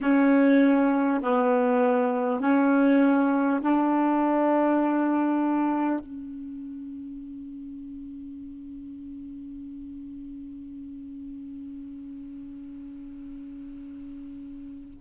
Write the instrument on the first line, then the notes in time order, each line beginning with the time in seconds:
saxophone
0.00 C#4
1.22 B3
2.40 C#4
3.61 D4
5.99 C#4